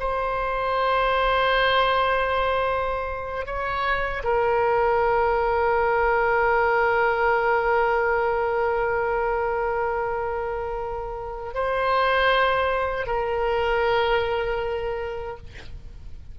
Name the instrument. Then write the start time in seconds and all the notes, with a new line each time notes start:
oboe
0.00 C5
3.46 C#5
4.24 A#4
11.54 C5
13.07 A#4